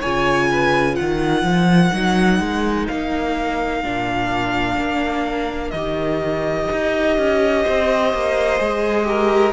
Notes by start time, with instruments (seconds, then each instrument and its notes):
0.00 cello C#3, viola F4, violin C#5 G#5
0.51 violin B4
0.96 cello D#3, violin A#4 F#5
1.43 cello F3
1.93 cello F#3, viola D#4
2.40 cello G#3
2.88 cello A#3, violin F5
3.84 cello A#2, viola D4
4.77 cello A#3
5.71 cello D#3, viola G4, violin D#5
6.72 cello D#4
7.18 cello C#4
7.63 cello C4, violin C5
8.13 cello A#3
8.59 cello G#3, viola G#4
9.05 viola G4, violin A#4